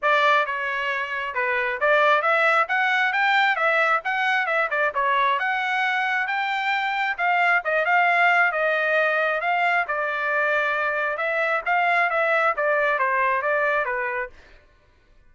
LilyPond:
\new Staff \with { instrumentName = "trumpet" } { \time 4/4 \tempo 4 = 134 d''4 cis''2 b'4 | d''4 e''4 fis''4 g''4 | e''4 fis''4 e''8 d''8 cis''4 | fis''2 g''2 |
f''4 dis''8 f''4. dis''4~ | dis''4 f''4 d''2~ | d''4 e''4 f''4 e''4 | d''4 c''4 d''4 b'4 | }